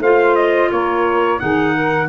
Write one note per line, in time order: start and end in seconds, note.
0.00 0.70 A3
0.00 1.39 F4
0.00 0.71 C5
0.00 0.36 F5
0.36 0.71 D#5
0.72 1.42 A#3
0.72 1.41 A#4
0.72 1.40 C#5
1.39 2.09 D#3
1.39 2.09 D#4
1.39 1.74 G#4
1.39 2.09 F#5
1.74 2.09 A#4